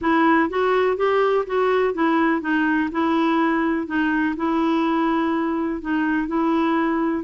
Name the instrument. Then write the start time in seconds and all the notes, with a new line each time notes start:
clarinet
0.01 E4
0.49 F#4
0.97 G4
1.46 F#4
1.94 E4
2.41 D#4
2.91 E4
3.87 D#4
4.36 E4
5.81 D#4
6.27 E4